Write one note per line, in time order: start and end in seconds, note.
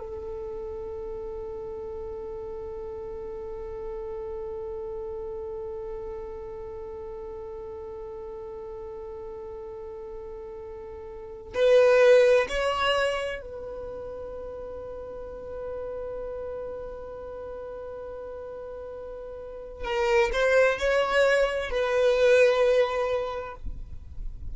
0.00 11.54 A4
11.55 12.47 B4
12.50 13.42 C#5
13.42 19.85 B4
19.85 20.31 A#4
20.33 20.79 C5
20.79 21.71 C#5
21.71 23.56 B4